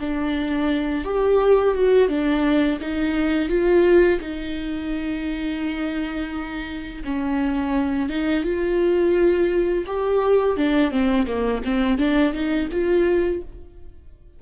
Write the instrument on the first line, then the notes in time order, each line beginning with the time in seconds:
viola
0.00 D4
1.04 G4
1.75 F#4
2.09 D4
2.81 D#4
3.49 F4
4.20 D#4
7.04 C#4
8.10 D#4
8.44 F4
9.86 G4
10.57 D4
10.91 C4
11.27 A#3
11.64 C4
11.98 D4
12.33 D#4
12.72 F4